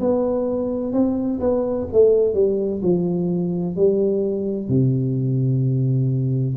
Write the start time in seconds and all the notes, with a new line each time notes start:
0.00 B3
0.92 C4
1.40 B3
1.92 A3
2.34 G3
2.82 F3
3.76 G3
4.68 C3